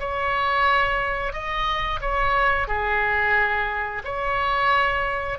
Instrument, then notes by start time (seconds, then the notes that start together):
oboe
0.00 C#5
1.33 D#5
2.01 C#5
2.68 G#4
4.04 C#5